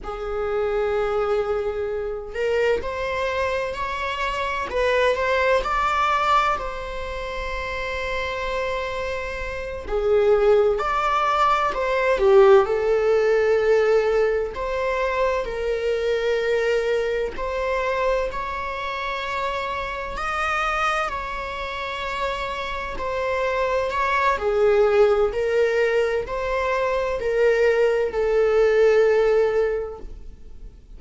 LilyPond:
\new Staff \with { instrumentName = "viola" } { \time 4/4 \tempo 4 = 64 gis'2~ gis'8 ais'8 c''4 | cis''4 b'8 c''8 d''4 c''4~ | c''2~ c''8 gis'4 d''8~ | d''8 c''8 g'8 a'2 c''8~ |
c''8 ais'2 c''4 cis''8~ | cis''4. dis''4 cis''4.~ | cis''8 c''4 cis''8 gis'4 ais'4 | c''4 ais'4 a'2 | }